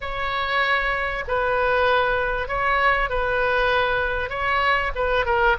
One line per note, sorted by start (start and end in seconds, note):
0.00 1.24 C#5
1.27 2.48 B4
2.48 3.09 C#5
3.09 4.29 B4
4.29 4.91 C#5
4.95 5.25 B4
5.25 5.56 A#4